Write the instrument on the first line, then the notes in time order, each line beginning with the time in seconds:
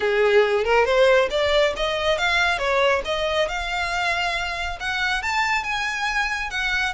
violin
0.00 G#4
0.64 A#4
0.85 C5
1.30 D5
1.76 D#5
2.18 F5
2.58 C#5
3.04 D#5
3.48 F5
4.79 F#5
5.22 A5
5.63 G#5
6.50 F#5